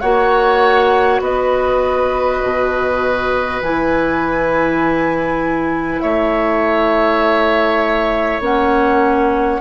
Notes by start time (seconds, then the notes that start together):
0.00 A#3 F#4 C#5 F#5
1.20 B3 B4 D#5
2.43 B2
3.61 E3 E4 G#5
6.00 A3 C#5 E5
8.40 A#3 C#4 F#5